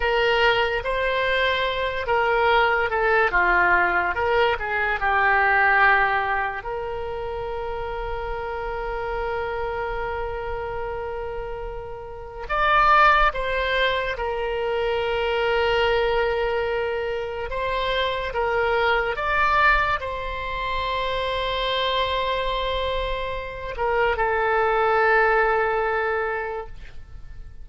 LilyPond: \new Staff \with { instrumentName = "oboe" } { \time 4/4 \tempo 4 = 72 ais'4 c''4. ais'4 a'8 | f'4 ais'8 gis'8 g'2 | ais'1~ | ais'2. d''4 |
c''4 ais'2.~ | ais'4 c''4 ais'4 d''4 | c''1~ | c''8 ais'8 a'2. | }